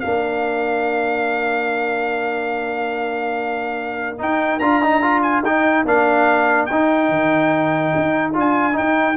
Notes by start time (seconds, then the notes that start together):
0.00 A#3 D4 A#4 F5
4.19 D#4 G5
4.59 D4 F4 A#5
4.82 D#4
5.02 F4
5.23 G#5
5.42 D#4 G5
5.85 A#3 D4 F5
6.66 D#4 G5
7.09 D#3
7.96 D#4
8.34 D4 F4 G#5
8.73 D#4 G5
8.80 D#4